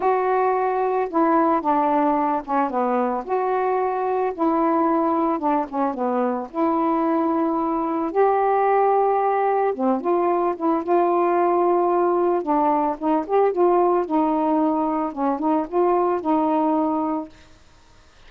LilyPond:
\new Staff \with { instrumentName = "saxophone" } { \time 4/4 \tempo 4 = 111 fis'2 e'4 d'4~ | d'8 cis'8 b4 fis'2 | e'2 d'8 cis'8 b4 | e'2. g'4~ |
g'2 c'8 f'4 e'8 | f'2. d'4 | dis'8 g'8 f'4 dis'2 | cis'8 dis'8 f'4 dis'2 | }